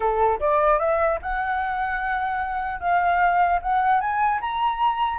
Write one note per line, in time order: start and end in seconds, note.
0.00 0.39 A4
0.39 0.79 D5
0.79 1.19 E5
1.22 2.79 F#5
2.79 3.59 F5
3.62 4.00 F#5
4.00 4.40 G#5
4.41 5.18 A#5